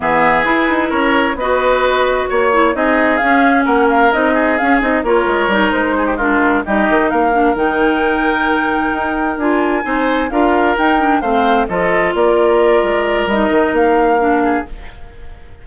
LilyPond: <<
  \new Staff \with { instrumentName = "flute" } { \time 4/4 \tempo 4 = 131 e''4 b'4 cis''4 dis''4~ | dis''4 cis''4 dis''4 f''4 | fis''8 f''8 dis''4 f''8 dis''8 cis''4~ | cis''8 c''4 ais'4 dis''4 f''8~ |
f''8 g''2.~ g''8~ | g''8 gis''2 f''4 g''8~ | g''8 f''4 dis''4 d''4.~ | d''4 dis''4 f''2 | }
  \new Staff \with { instrumentName = "oboe" } { \time 4/4 gis'2 ais'4 b'4~ | b'4 cis''4 gis'2 | ais'4. gis'4. ais'4~ | ais'4 gis'16 g'16 f'4 g'4 ais'8~ |
ais'1~ | ais'4. c''4 ais'4.~ | ais'8 c''4 a'4 ais'4.~ | ais'2.~ ais'8 gis'8 | }
  \new Staff \with { instrumentName = "clarinet" } { \time 4/4 b4 e'2 fis'4~ | fis'4. e'8 dis'4 cis'4~ | cis'4 dis'4 cis'8 dis'8 f'4 | dis'4. d'4 dis'4. |
d'8 dis'2.~ dis'8~ | dis'8 f'4 dis'4 f'4 dis'8 | d'8 c'4 f'2~ f'8~ | f'4 dis'2 d'4 | }
  \new Staff \with { instrumentName = "bassoon" } { \time 4/4 e4 e'8 dis'8 cis'4 b4~ | b4 ais4 c'4 cis'4 | ais4 c'4 cis'8 c'8 ais8 gis8 | g8 gis2 g8 dis8 ais8~ |
ais8 dis2. dis'8~ | dis'8 d'4 c'4 d'4 dis'8~ | dis'8 a4 f4 ais4. | gis4 g8 dis8 ais2 | }
>>